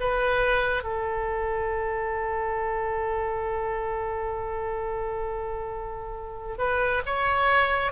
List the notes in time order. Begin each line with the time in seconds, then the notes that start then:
0.00 B4
0.83 A4
6.58 B4
7.06 C#5